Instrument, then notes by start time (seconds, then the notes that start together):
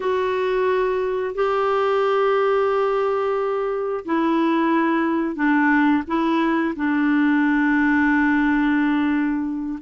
clarinet
0.00 F#4
1.35 G4
4.05 E4
5.35 D4
6.07 E4
6.76 D4